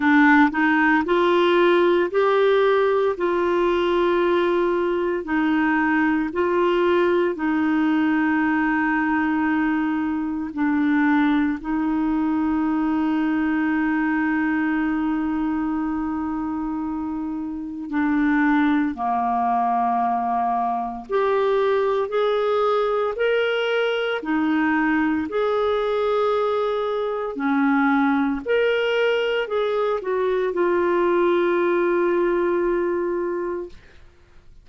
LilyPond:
\new Staff \with { instrumentName = "clarinet" } { \time 4/4 \tempo 4 = 57 d'8 dis'8 f'4 g'4 f'4~ | f'4 dis'4 f'4 dis'4~ | dis'2 d'4 dis'4~ | dis'1~ |
dis'4 d'4 ais2 | g'4 gis'4 ais'4 dis'4 | gis'2 cis'4 ais'4 | gis'8 fis'8 f'2. | }